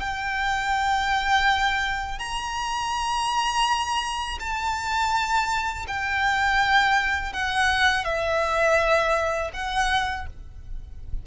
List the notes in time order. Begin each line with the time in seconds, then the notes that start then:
0.00 G5
2.20 A#5
4.40 A5
5.88 G5
7.33 F#5
8.05 E5
9.54 F#5